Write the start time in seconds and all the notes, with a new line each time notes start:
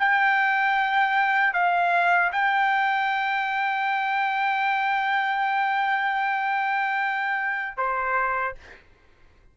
0.00 G5
1.54 F5
2.33 G5
7.77 C5